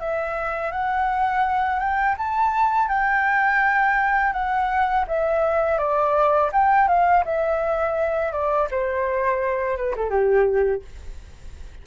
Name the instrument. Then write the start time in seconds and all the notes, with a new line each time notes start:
flute
0.00 E5
0.72 F#5
1.80 G5
2.18 A5
2.88 G5
4.33 F#5
5.08 E5
5.78 D5
6.52 G5
6.88 F5
7.25 E5
8.32 D5
8.71 C5
9.77 B4
9.96 A4
10.10 G4